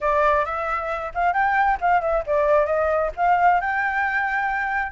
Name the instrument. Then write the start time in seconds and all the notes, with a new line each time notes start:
flute
0.00 D5
0.45 E5
1.14 F5
1.33 G5
1.80 F5
2.01 E5
2.26 D5
2.66 D#5
3.16 F5
3.60 G5